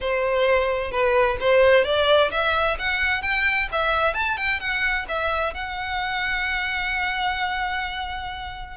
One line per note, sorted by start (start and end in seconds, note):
0.00 0.91 C5
0.91 1.37 B4
1.40 1.84 C5
1.84 2.30 D5
2.31 2.77 E5
2.78 3.22 F#5
3.22 3.68 G5
3.72 4.14 E5
4.14 4.37 A5
4.37 4.60 G5
4.60 5.06 F#5
5.08 5.54 E5
5.54 8.76 F#5